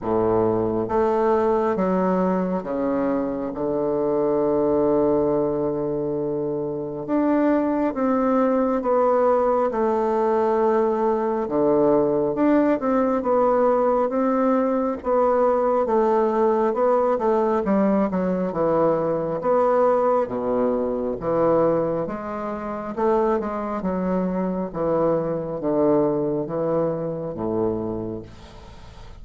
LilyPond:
\new Staff \with { instrumentName = "bassoon" } { \time 4/4 \tempo 4 = 68 a,4 a4 fis4 cis4 | d1 | d'4 c'4 b4 a4~ | a4 d4 d'8 c'8 b4 |
c'4 b4 a4 b8 a8 | g8 fis8 e4 b4 b,4 | e4 gis4 a8 gis8 fis4 | e4 d4 e4 a,4 | }